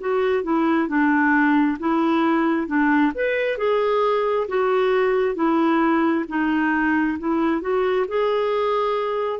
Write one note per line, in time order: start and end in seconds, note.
0.00 0.43 F#4
0.43 0.88 E4
0.88 1.78 D4
1.79 2.67 E4
2.67 3.12 D4
3.15 3.58 B4
3.58 4.47 G#4
4.48 5.35 F#4
5.35 6.25 E4
6.28 7.18 D#4
7.19 7.61 E4
7.61 8.06 F#4
8.08 9.39 G#4